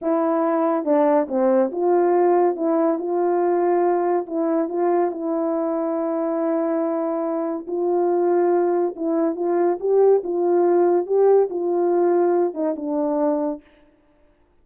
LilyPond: \new Staff \with { instrumentName = "horn" } { \time 4/4 \tempo 4 = 141 e'2 d'4 c'4 | f'2 e'4 f'4~ | f'2 e'4 f'4 | e'1~ |
e'2 f'2~ | f'4 e'4 f'4 g'4 | f'2 g'4 f'4~ | f'4. dis'8 d'2 | }